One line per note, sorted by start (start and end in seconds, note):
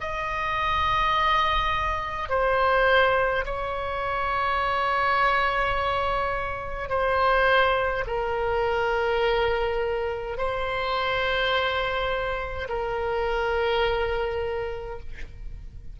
0.00 2.29 D#5
2.29 3.45 C5
3.45 6.89 C#5
6.89 8.04 C5
8.06 10.37 A#4
10.37 12.68 C5
12.68 14.99 A#4